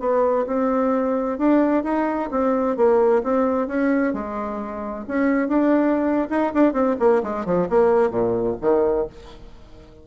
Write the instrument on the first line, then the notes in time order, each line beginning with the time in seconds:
bassoon
0.00 B3
0.47 C4
1.39 D4
1.84 D#4
2.31 C4
2.77 A#3
3.24 C4
3.68 C#4
4.14 G#3
5.08 C#4
5.49 D4
6.30 D#4
6.54 D4
6.73 C4
7.00 A#3
7.23 G#3
7.46 F3
7.70 A#3
8.10 A#2
8.61 D#3